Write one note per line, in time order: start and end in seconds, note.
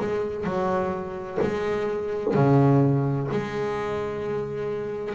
0.00 0.45 G#3
0.45 1.38 F#3
1.42 2.35 G#3
2.35 3.29 C#3
3.32 5.15 G#3